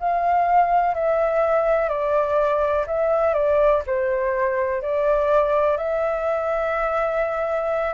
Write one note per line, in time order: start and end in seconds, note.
0.00 0.95 F5
0.95 1.89 E5
1.89 2.86 D5
2.87 3.34 E5
3.34 3.82 D5
3.87 4.82 C5
4.82 5.78 D5
5.78 7.94 E5